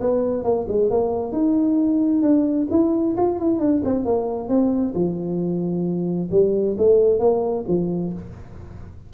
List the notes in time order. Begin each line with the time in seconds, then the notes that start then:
0.00 B3
0.44 A#3
0.68 G#3
0.90 A#3
1.32 D#4
2.22 D4
2.70 E4
3.17 F4
3.39 E4
3.59 D4
3.84 C4
4.05 A#3
4.48 C4
4.94 F3
6.31 G3
6.78 A3
7.19 A#3
7.68 F3